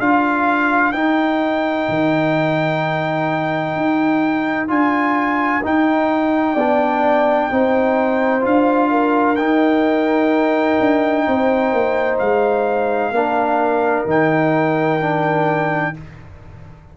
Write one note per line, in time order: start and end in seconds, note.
0.00 0.94 D4
0.00 0.94 F4
0.00 6.54 A#4
0.00 0.92 F5
0.92 1.88 D#4
0.92 4.69 D#4
0.92 4.67 G5
1.89 3.77 D#3
3.77 4.70 D#4
4.69 5.64 D4
4.69 5.62 F4
4.69 5.64 G#5
5.64 6.58 D#4
5.64 6.56 D#4
5.64 8.46 G5
6.54 7.50 B3
6.54 7.52 D4
6.54 7.47 D5
7.52 8.46 C4
7.52 8.41 D#4
7.52 8.91 C5
8.41 9.38 D4
8.41 9.35 F4
8.41 9.36 F5
8.91 11.26 A#4
9.36 10.79 D#4
9.36 13.14 D#4
9.36 12.17 G5
10.80 11.27 D4
11.28 11.73 C4
11.28 13.14 C5
11.73 12.20 A#3
12.19 13.12 G#3
12.19 14.06 F5
13.12 14.05 A#3
13.12 14.07 D4
13.12 15.95 A#4
14.06 15.93 D#3
14.06 15.01 D#4
14.06 15.98 G5
15.01 15.95 D4